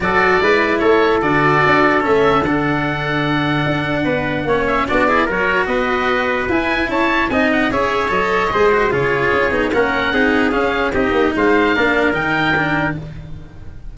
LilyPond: <<
  \new Staff \with { instrumentName = "oboe" } { \time 4/4 \tempo 4 = 148 d''2 cis''4 d''4~ | d''4 e''4 fis''2~ | fis''2.~ fis''8 e''8 | d''4 cis''4 dis''2 |
gis''4 a''4 gis''8 fis''8 e''4 | dis''2 cis''2 | fis''2 f''4 dis''4 | f''2 g''2 | }
  \new Staff \with { instrumentName = "trumpet" } { \time 4/4 a'4 b'4 a'2~ | a'1~ | a'2 b'4 cis''4 | fis'8 gis'8 ais'4 b'2~ |
b'4 cis''4 dis''4 cis''4~ | cis''4 c''4 gis'2 | ais'4 gis'2 g'4 | c''4 ais'2. | }
  \new Staff \with { instrumentName = "cello" } { \time 4/4 fis'4 e'2 fis'4~ | fis'4 cis'4 d'2~ | d'2. cis'4 | d'8 e'8 fis'2. |
e'2 dis'4 gis'4 | a'4 gis'8 fis'8 f'4. dis'8 | cis'4 dis'4 cis'4 dis'4~ | dis'4 d'4 dis'4 d'4 | }
  \new Staff \with { instrumentName = "tuba" } { \time 4/4 fis4 gis4 a4 d4 | d'4 a4 d2~ | d4 d'4 b4 ais4 | b4 fis4 b2 |
e'4 cis'4 c'4 cis'4 | fis4 gis4 cis4 cis'8 b8 | ais4 c'4 cis'4 c'8 ais8 | gis4 ais4 dis2 | }
>>